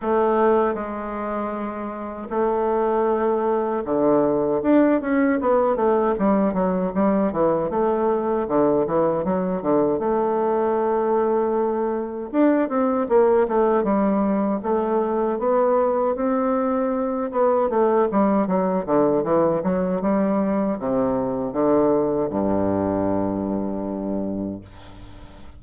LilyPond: \new Staff \with { instrumentName = "bassoon" } { \time 4/4 \tempo 4 = 78 a4 gis2 a4~ | a4 d4 d'8 cis'8 b8 a8 | g8 fis8 g8 e8 a4 d8 e8 | fis8 d8 a2. |
d'8 c'8 ais8 a8 g4 a4 | b4 c'4. b8 a8 g8 | fis8 d8 e8 fis8 g4 c4 | d4 g,2. | }